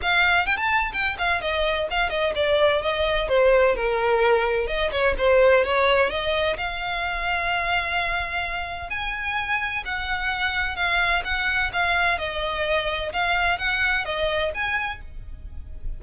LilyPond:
\new Staff \with { instrumentName = "violin" } { \time 4/4 \tempo 4 = 128 f''4 g''16 a''8. g''8 f''8 dis''4 | f''8 dis''8 d''4 dis''4 c''4 | ais'2 dis''8 cis''8 c''4 | cis''4 dis''4 f''2~ |
f''2. gis''4~ | gis''4 fis''2 f''4 | fis''4 f''4 dis''2 | f''4 fis''4 dis''4 gis''4 | }